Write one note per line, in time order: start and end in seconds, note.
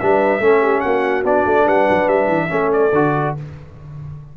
0.00 0.40 G3
0.00 0.41 D4
0.00 0.44 B4
0.00 0.81 E5
0.40 0.82 A3
0.40 1.24 C#4
0.40 0.62 A4
0.62 0.83 G4
0.81 1.24 A#3
0.81 1.64 F#4
0.81 1.23 F#5
1.24 1.45 B3
1.24 2.49 D4
1.24 1.68 D5
1.46 1.67 A3
1.64 1.88 G3
1.64 2.48 B4
1.64 2.09 F#5
1.90 2.08 F#3
2.08 2.28 G3
2.08 2.72 E5
2.28 2.49 E3
2.49 2.93 A3
2.49 2.91 C#4
2.49 3.37 A4
2.73 3.36 D5
2.93 3.35 D3
2.93 3.37 F#4